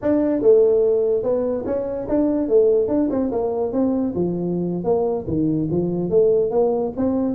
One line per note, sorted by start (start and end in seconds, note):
0.02 0.41 D4
0.41 1.23 A3
1.23 1.64 B3
1.66 2.07 C#4
2.08 2.48 D4
2.48 2.88 A3
2.88 3.08 D4
3.10 3.30 C4
3.31 3.72 A#3
3.72 4.14 C4
4.14 4.84 F3
4.84 5.25 A#3
5.27 5.68 D#3
5.70 6.09 F3
6.09 6.51 A3
6.51 6.92 A#3
6.96 7.34 C4